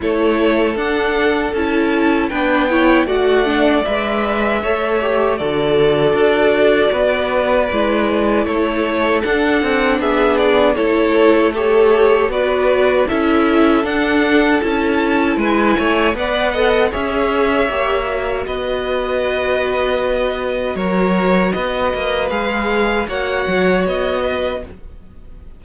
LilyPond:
<<
  \new Staff \with { instrumentName = "violin" } { \time 4/4 \tempo 4 = 78 cis''4 fis''4 a''4 g''4 | fis''4 e''2 d''4~ | d''2. cis''4 | fis''4 e''8 d''8 cis''4 a'4 |
d''4 e''4 fis''4 a''4 | gis''4 fis''4 e''2 | dis''2. cis''4 | dis''4 f''4 fis''4 dis''4 | }
  \new Staff \with { instrumentName = "violin" } { \time 4/4 a'2. b'8 cis''8 | d''2 cis''4 a'4~ | a'4 b'2 a'4~ | a'4 gis'4 a'4 cis''4 |
b'4 a'2. | b'8 cis''8 d''8 dis''8 cis''2 | b'2. ais'4 | b'2 cis''4. b'8 | }
  \new Staff \with { instrumentName = "viola" } { \time 4/4 e'4 d'4 e'4 d'8 e'8 | fis'8 d'8 b'4 a'8 g'8 fis'4~ | fis'2 e'2 | d'2 e'4 g'4 |
fis'4 e'4 d'4 e'4~ | e'4 b'8 a'8 gis'4 g'8 fis'8~ | fis'1~ | fis'4 gis'4 fis'2 | }
  \new Staff \with { instrumentName = "cello" } { \time 4/4 a4 d'4 cis'4 b4 | a4 gis4 a4 d4 | d'4 b4 gis4 a4 | d'8 c'8 b4 a2 |
b4 cis'4 d'4 cis'4 | gis8 a8 b4 cis'4 ais4 | b2. fis4 | b8 ais8 gis4 ais8 fis8 b4 | }
>>